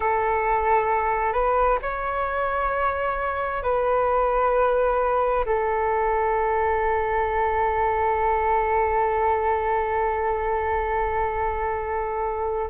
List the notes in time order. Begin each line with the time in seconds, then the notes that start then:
0.00 A4
1.32 B4
1.81 C#5
3.62 B4
5.45 A4